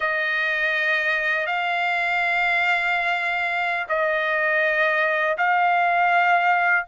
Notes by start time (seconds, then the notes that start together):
0.00 D#5
1.46 F5
3.88 D#5
5.37 F5